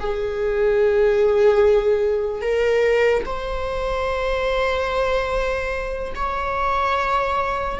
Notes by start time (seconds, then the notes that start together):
0.00 G#4
2.42 A#4
3.26 C5
6.15 C#5